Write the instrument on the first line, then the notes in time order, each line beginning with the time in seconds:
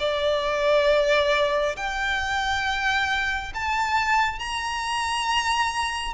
violin
0.00 D5
1.77 G5
3.55 A5
4.40 A#5